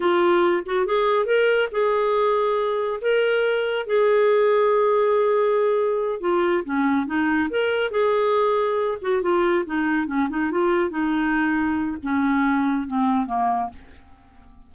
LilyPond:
\new Staff \with { instrumentName = "clarinet" } { \time 4/4 \tempo 4 = 140 f'4. fis'8 gis'4 ais'4 | gis'2. ais'4~ | ais'4 gis'2.~ | gis'2~ gis'8 f'4 cis'8~ |
cis'8 dis'4 ais'4 gis'4.~ | gis'4 fis'8 f'4 dis'4 cis'8 | dis'8 f'4 dis'2~ dis'8 | cis'2 c'4 ais4 | }